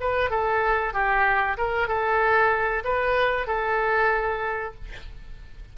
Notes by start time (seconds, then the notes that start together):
0.00 B4
0.30 A4
0.93 G4
1.57 A#4
1.87 A4
2.84 B4
3.47 A4